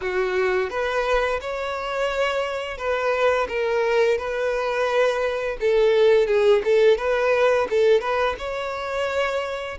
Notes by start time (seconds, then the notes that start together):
0.01 F#4
0.70 B4
1.40 C#5
2.77 B4
3.48 A#4
4.17 B4
5.60 A4
6.27 G#4
6.64 A4
6.97 B4
7.69 A4
8.00 B4
8.38 C#5